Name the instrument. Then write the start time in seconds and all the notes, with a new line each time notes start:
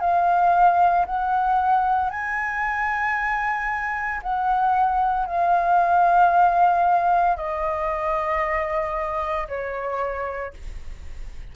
flute
0.00 F5
1.06 F#5
2.10 G#5
4.22 F#5
5.26 F5
7.36 D#5
9.48 C#5